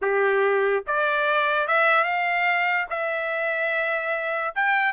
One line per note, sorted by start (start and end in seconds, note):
0.01 0.83 G4
0.86 1.67 D5
1.67 2.04 E5
2.04 2.86 F5
2.90 4.54 E5
4.55 4.93 G5